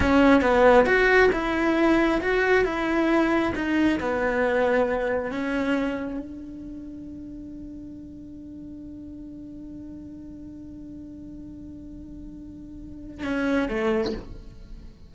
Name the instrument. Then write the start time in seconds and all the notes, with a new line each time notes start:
cello
0.00 C#4
0.41 B3
0.85 F#4
1.32 E4
2.21 F#4
2.64 E4
3.55 D#4
4.00 B3
5.31 C#4
6.19 D4
13.24 C#4
13.68 A3